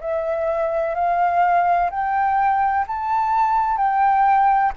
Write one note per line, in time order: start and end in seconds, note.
0.00 0.95 E5
0.95 1.90 F5
1.90 2.85 G5
2.87 3.77 A5
3.77 4.72 G5